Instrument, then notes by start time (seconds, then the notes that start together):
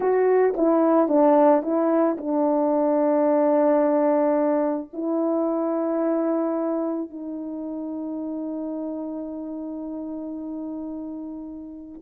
horn
0.00 F#4
0.56 E4
1.08 D4
1.62 E4
2.17 D4
4.93 E4
7.10 D#4